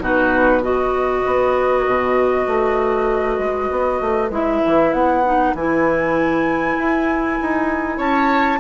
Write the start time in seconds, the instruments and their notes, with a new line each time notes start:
0.00 bassoon B2, clarinet D#4, oboe F#4
0.07 flute B4
0.62 clarinet F#4, oboe B4, flute D#5
1.26 bassoon B3
1.87 bassoon B2
2.47 bassoon A3
3.39 bassoon G#3
3.71 bassoon B3
4.01 bassoon A3
4.30 bassoon G#3, clarinet E4, flute E5
4.66 bassoon E3
4.93 bassoon B3, flute F#5
5.25 clarinet D#4
5.54 bassoon E3, clarinet E4, flute G#5
6.78 bassoon E4
7.42 bassoon D#4
7.97 bassoon C#4, oboe C#5, flute A5